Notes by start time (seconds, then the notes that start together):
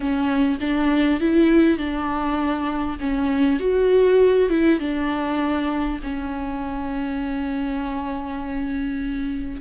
0.00 C#4
0.60 D4
1.20 E4
1.78 D4
3.00 C#4
3.59 F#4
4.49 E4
4.79 D4
6.03 C#4